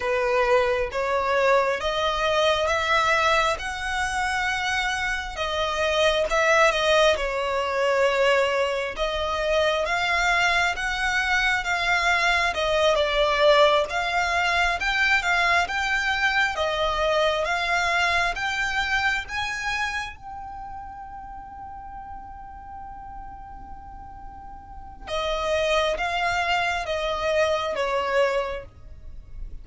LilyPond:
\new Staff \with { instrumentName = "violin" } { \time 4/4 \tempo 4 = 67 b'4 cis''4 dis''4 e''4 | fis''2 dis''4 e''8 dis''8 | cis''2 dis''4 f''4 | fis''4 f''4 dis''8 d''4 f''8~ |
f''8 g''8 f''8 g''4 dis''4 f''8~ | f''8 g''4 gis''4 g''4.~ | g''1 | dis''4 f''4 dis''4 cis''4 | }